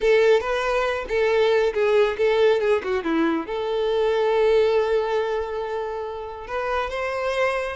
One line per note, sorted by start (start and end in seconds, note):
0.00 0.40 A4
0.40 1.05 B4
1.08 1.73 A4
1.73 2.16 G#4
2.17 2.60 A4
2.60 2.82 G#4
2.83 3.03 F#4
3.03 3.46 E4
3.46 6.47 A4
6.47 6.89 B4
6.89 7.76 C5